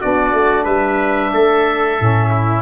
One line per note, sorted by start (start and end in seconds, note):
0.00 0.33 B3
0.00 1.98 D4
0.00 0.64 F#4
0.00 0.65 D5
0.33 0.65 A3
0.64 1.31 G3
0.64 1.30 B4
0.64 2.62 E5
1.33 1.99 A3
1.33 2.30 A4
1.98 2.62 A2
1.98 2.62 C#4
2.30 2.62 E4